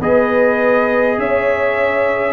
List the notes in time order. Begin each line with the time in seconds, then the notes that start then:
0.00 B3 G#4 B4 D#5
1.18 C#4 C#5 E5